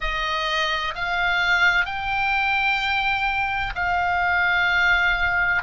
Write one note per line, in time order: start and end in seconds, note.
0.00 0.94 D#5
0.94 1.85 F5
1.85 3.73 G5
3.75 5.62 F5